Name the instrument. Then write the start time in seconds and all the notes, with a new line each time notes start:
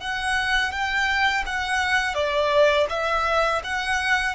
violin
0.00 F#5
0.72 G5
1.46 F#5
2.15 D5
2.89 E5
3.63 F#5